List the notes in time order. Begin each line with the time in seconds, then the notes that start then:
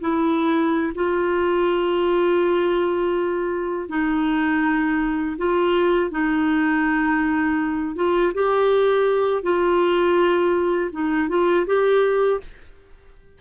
0.00 E4
0.95 F4
3.88 D#4
5.37 F4
6.11 D#4
7.95 F4
8.34 G4
9.42 F4
10.92 D#4
11.29 F4
11.66 G4